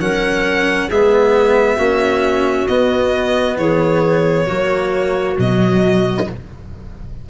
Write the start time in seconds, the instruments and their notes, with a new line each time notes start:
0.00 tuba F#3, cello C#4, clarinet A#4, violin F#5
0.89 tuba G#3, cello B3, clarinet G#4, violin E5
1.76 tuba A#3, cello C#4, clarinet F#4
2.68 tuba B3, cello B3, violin D#5
3.57 tuba E3, clarinet G#4, violin C#5
4.46 tuba F#3, cello A#3, clarinet F#4
5.37 tuba B2, cello F#3, violin D#5